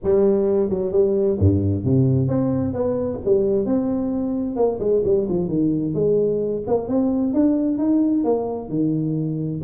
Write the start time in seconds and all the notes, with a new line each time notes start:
0.03 G3
0.69 F#3
0.92 G3
1.39 G2
1.84 C3
2.28 C4
2.73 B3
3.25 G3
3.65 C4
4.56 A#3
4.79 G#3
5.04 G3
5.29 F3
5.48 D#3
5.94 G#3
6.67 A#3
6.87 C4
7.33 D4
7.78 D#4
8.24 A#3
8.69 D#3